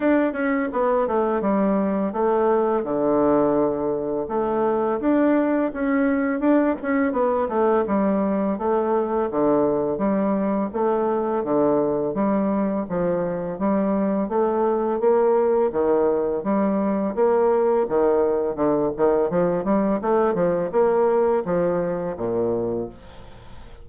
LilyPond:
\new Staff \with { instrumentName = "bassoon" } { \time 4/4 \tempo 4 = 84 d'8 cis'8 b8 a8 g4 a4 | d2 a4 d'4 | cis'4 d'8 cis'8 b8 a8 g4 | a4 d4 g4 a4 |
d4 g4 f4 g4 | a4 ais4 dis4 g4 | ais4 dis4 d8 dis8 f8 g8 | a8 f8 ais4 f4 ais,4 | }